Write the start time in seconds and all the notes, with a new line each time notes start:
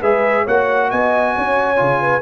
0.00 G#3 G#4 B4 E5
0.43 A#3 F#4 C#5 F#5
0.90 B3 D#5 G#5
1.36 C#4 C#5
1.76 C#3 F4
2.01 B4